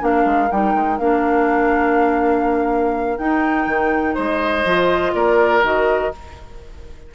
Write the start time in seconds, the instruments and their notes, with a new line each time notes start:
0.00 bassoon A#3, clarinet D4, oboe A#4, flute F5
0.25 bassoon G#3
0.51 bassoon G3, clarinet D#4, flute G5
0.74 bassoon G#3
0.99 bassoon A#3, clarinet D4, flute F5
3.18 bassoon D#4, clarinet D#4, flute G5
3.67 bassoon D#3
4.15 bassoon G#3, oboe C5, flute D#5
4.65 bassoon F3, clarinet F4
5.14 bassoon A#3, oboe A#4, flute D5
5.63 bassoon D#3, clarinet F#4, flute D#5